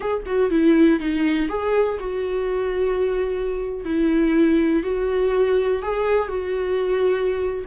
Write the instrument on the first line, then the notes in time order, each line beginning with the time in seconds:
viola
0.00 G#4
0.25 F#4
0.50 E4
0.99 D#4
1.48 G#4
1.99 F#4
3.85 E4
4.83 F#4
5.82 G#4
6.28 F#4